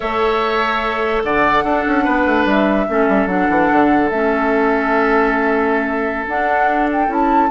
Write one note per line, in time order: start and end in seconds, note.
0.00 1.23 A3
0.00 1.64 A4
0.00 1.22 C#5
0.00 1.23 E5
1.23 1.64 D3
1.23 1.64 D5
1.23 2.47 F#5
1.64 1.84 D4
1.64 2.89 D4
1.64 2.04 A4
1.87 2.07 C#4
2.04 2.26 B3
2.04 2.86 B4
2.26 2.45 A3
2.45 2.86 G3
2.45 3.27 E5
2.89 3.08 A3
2.89 3.27 C#4
2.89 7.50 A4
3.08 3.26 G3
3.26 3.47 F#3
3.26 4.10 D4
3.26 4.09 F#5
3.49 3.69 E3
3.71 4.10 D3
4.10 6.26 A3
4.10 6.28 C#4
4.10 6.25 E5
6.27 7.08 D4
6.27 7.07 D4
6.27 6.88 F#5
6.91 7.12 G5
7.07 7.49 C#4
7.07 7.48 E4
7.07 7.50 A5